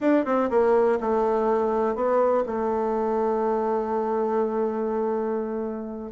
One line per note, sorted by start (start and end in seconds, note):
0.00 0.25 D4
0.25 0.49 C4
0.50 0.99 A#3
1.00 1.95 A3
1.95 2.44 B3
2.45 6.11 A3